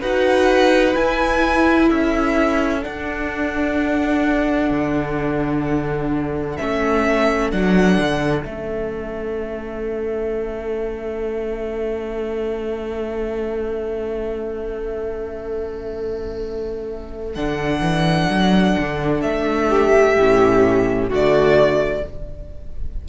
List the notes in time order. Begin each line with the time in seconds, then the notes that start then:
0.00 D#4 F#4 B4 F#5
0.95 E4 G#5
1.87 C#4 A4 E5
2.80 D4 F#5
4.70 D3
6.57 A3 C#4 E5
7.51 F#3 D4 F#5
7.98 D3
8.42 A3 C#4 E5
17.35 D3 D4 F#5
17.80 E3
18.30 F#3
18.78 D3
19.21 A3 E5
19.70 G4
20.16 A2 C#4
21.09 D3 A3 F#4
21.15 D5